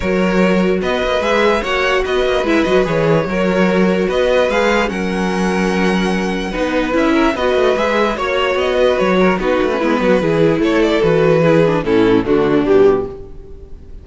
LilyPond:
<<
  \new Staff \with { instrumentName = "violin" } { \time 4/4 \tempo 4 = 147 cis''2 dis''4 e''4 | fis''4 dis''4 e''8 dis''8 cis''4~ | cis''2 dis''4 f''4 | fis''1~ |
fis''4 e''4 dis''4 e''4 | cis''4 dis''4 cis''4 b'4~ | b'2 cis''8 d''8 b'4~ | b'4 a'4 fis'4 g'4 | }
  \new Staff \with { instrumentName = "violin" } { \time 4/4 ais'2 b'2 | cis''4 b'2. | ais'2 b'2 | ais'1 |
b'4. ais'8 b'2 | cis''4. b'4 ais'8 fis'4 | e'8 fis'8 gis'4 a'2 | gis'4 e'4 d'2 | }
  \new Staff \with { instrumentName = "viola" } { \time 4/4 fis'2. gis'4 | fis'2 e'8 fis'8 gis'4 | fis'2. gis'4 | cis'1 |
dis'4 e'4 fis'4 gis'4 | fis'2. dis'8. cis'16 | b4 e'2 fis'4 | e'8 d'8 cis'4 a4 g4 | }
  \new Staff \with { instrumentName = "cello" } { \time 4/4 fis2 b8 ais8 gis4 | ais4 b8 ais8 gis8 fis8 e4 | fis2 b4 gis4 | fis1 |
b4 cis'4 b8 a8 gis4 | ais4 b4 fis4 b8 a8 | gis8 fis8 e4 a4 e4~ | e4 a,4 d4 b,4 | }
>>